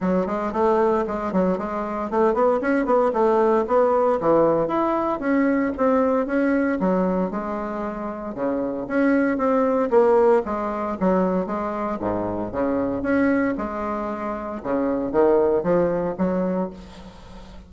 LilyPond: \new Staff \with { instrumentName = "bassoon" } { \time 4/4 \tempo 4 = 115 fis8 gis8 a4 gis8 fis8 gis4 | a8 b8 cis'8 b8 a4 b4 | e4 e'4 cis'4 c'4 | cis'4 fis4 gis2 |
cis4 cis'4 c'4 ais4 | gis4 fis4 gis4 gis,4 | cis4 cis'4 gis2 | cis4 dis4 f4 fis4 | }